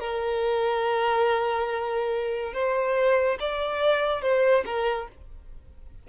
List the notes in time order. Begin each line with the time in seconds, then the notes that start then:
0.00 A#4
2.54 C5
3.40 D5
4.22 C5
4.66 A#4